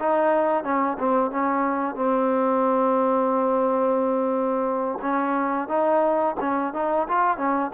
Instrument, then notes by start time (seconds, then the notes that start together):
trombone
0.00 D#4
0.64 C#4
0.99 C4
1.31 C#4
1.96 C4
5.03 C#4
5.69 D#4
6.41 C#4
6.74 D#4
7.09 F4
7.38 C#4